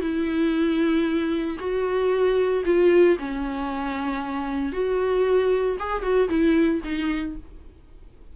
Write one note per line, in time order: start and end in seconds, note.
0.00 1.57 E4
1.59 2.63 F#4
2.65 3.17 F4
3.18 4.72 C#4
4.72 5.77 F#4
5.79 6.02 G#4
6.02 6.28 F#4
6.28 6.81 E4
6.83 7.36 D#4